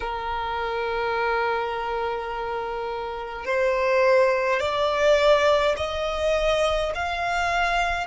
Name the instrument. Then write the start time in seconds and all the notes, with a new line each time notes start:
violin
0.00 A#4
3.45 C5
4.59 D5
5.76 D#5
6.94 F5